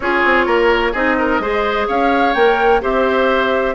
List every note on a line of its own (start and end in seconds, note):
0.00 0.22 C#4
0.00 0.95 F4
0.00 0.46 G#4
0.00 0.92 C#5
0.24 0.46 C4
0.46 0.93 A#3
0.46 0.92 A#4
0.92 1.39 C4
0.92 1.41 D#4
0.92 1.16 G#4
0.92 1.86 D#5
1.18 1.41 A#4
1.39 1.86 G#3
1.39 2.35 G#4
1.39 1.87 C5
1.87 2.35 C#4
1.87 2.81 C#5
1.87 2.34 F5
2.34 2.81 A#3
2.34 2.81 A#4
2.34 2.81 G5
2.81 3.74 C4
2.81 3.74 G4
2.81 3.74 C5
2.81 3.74 E5